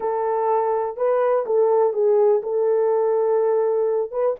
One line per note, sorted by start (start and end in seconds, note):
0.00 0.96 A4
0.97 1.45 B4
1.46 1.93 A4
1.93 2.41 G#4
2.42 4.11 A4
4.11 4.35 B4